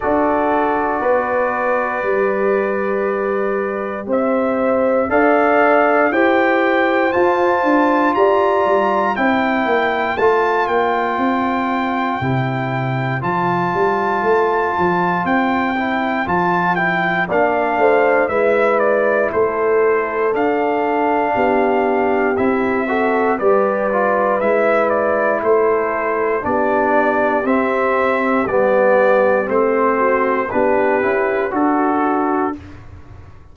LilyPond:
<<
  \new Staff \with { instrumentName = "trumpet" } { \time 4/4 \tempo 4 = 59 d''1 | e''4 f''4 g''4 a''4 | ais''4 g''4 a''8 g''4.~ | g''4 a''2 g''4 |
a''8 g''8 f''4 e''8 d''8 c''4 | f''2 e''4 d''4 | e''8 d''8 c''4 d''4 e''4 | d''4 c''4 b'4 a'4 | }
  \new Staff \with { instrumentName = "horn" } { \time 4/4 a'4 b'2. | c''4 d''4 c''2 | d''4 c''2.~ | c''1~ |
c''4 d''8 c''8 b'4 a'4~ | a'4 g'4. a'8 b'4~ | b'4 a'4 g'2~ | g'4. fis'8 g'4 fis'4 | }
  \new Staff \with { instrumentName = "trombone" } { \time 4/4 fis'2 g'2~ | g'4 a'4 g'4 f'4~ | f'4 e'4 f'2 | e'4 f'2~ f'8 e'8 |
f'8 e'8 d'4 e'2 | d'2 e'8 fis'8 g'8 f'8 | e'2 d'4 c'4 | b4 c'4 d'8 e'8 fis'4 | }
  \new Staff \with { instrumentName = "tuba" } { \time 4/4 d'4 b4 g2 | c'4 d'4 e'4 f'8 d'8 | g'8 g8 c'8 ais8 a8 ais8 c'4 | c4 f8 g8 a8 f8 c'4 |
f4 ais8 a8 gis4 a4 | d'4 b4 c'4 g4 | gis4 a4 b4 c'4 | g4 a4 b8 cis'8 d'4 | }
>>